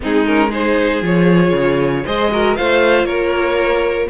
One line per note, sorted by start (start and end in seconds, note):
0.00 1.01 G#3
0.00 0.25 C4
0.00 0.49 D#4
0.00 0.26 G#4
0.26 0.50 C#4
0.26 0.51 A#4
0.49 1.01 D#4
0.49 2.03 G#4
0.49 1.04 C5
1.01 1.52 F3
1.01 2.05 F4
1.01 2.06 C#5
1.52 2.03 C#3
2.04 2.58 G#3
2.04 2.31 G#4
2.04 2.30 C5
2.04 2.56 D#5
2.31 2.56 F#4
2.31 2.57 A#4
2.56 3.04 A3
2.56 4.10 F4
2.56 3.06 C5
2.56 3.05 F5
3.04 4.06 A#3
3.04 4.08 A#4
3.04 4.07 C#5